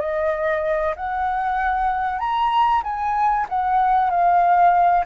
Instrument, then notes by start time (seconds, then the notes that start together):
flute
0.00 D#5
0.95 F#5
2.19 A#5
2.83 G#5
3.49 F#5
4.10 F5